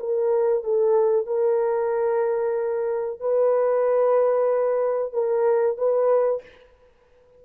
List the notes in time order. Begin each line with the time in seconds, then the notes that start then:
0.00 A#4
0.64 A4
1.27 A#4
3.20 B4
5.13 A#4
5.78 B4